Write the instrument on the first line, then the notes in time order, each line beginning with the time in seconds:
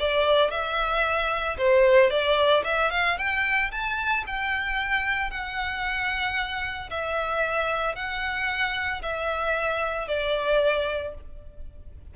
violin
0.00 D5
0.51 E5
1.58 C5
2.11 D5
2.65 E5
2.92 F5
3.18 G5
3.72 A5
4.27 G5
5.31 F#5
6.91 E5
7.96 F#5
9.03 E5
10.08 D5